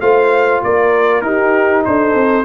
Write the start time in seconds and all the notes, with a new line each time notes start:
0.00 A3 F4 C5 F5
0.63 A#3 A#4 D5
1.21 D#4 G4 A#4
1.84 D4 A4 C5
2.14 C4